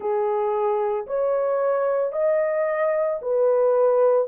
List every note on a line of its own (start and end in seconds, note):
0.00 1.06 G#4
1.07 2.12 C#5
2.12 3.19 D#5
3.21 4.28 B4